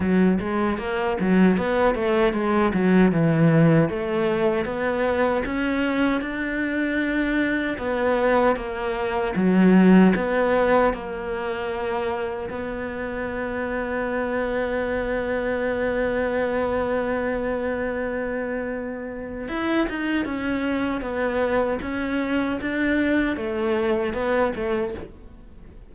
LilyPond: \new Staff \with { instrumentName = "cello" } { \time 4/4 \tempo 4 = 77 fis8 gis8 ais8 fis8 b8 a8 gis8 fis8 | e4 a4 b4 cis'4 | d'2 b4 ais4 | fis4 b4 ais2 |
b1~ | b1~ | b4 e'8 dis'8 cis'4 b4 | cis'4 d'4 a4 b8 a8 | }